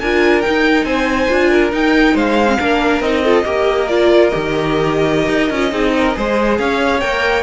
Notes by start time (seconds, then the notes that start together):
0.00 D4 F4 A#4 G#5
0.42 D#4 G5
0.48 D#4
0.85 C4 C5 G#5
1.29 D4 F4
1.50 A#4
1.72 D#4 G5
2.14 G#3 C5 F5
2.47 C4
2.60 A#3 D4 A#4
3.01 C4 D#4 D#5
3.24 F4 A4
3.45 A#3 G4 A#4
3.88 F4 D5
4.29 G4 D#5
4.35 D#3
5.29 D#4
5.50 C#4 F4
5.71 C4 D#4 G#4
5.98 A#4
6.15 G#3 G#4 C5
6.59 C#4 C#5 F5
7.01 A#3 A#4 G5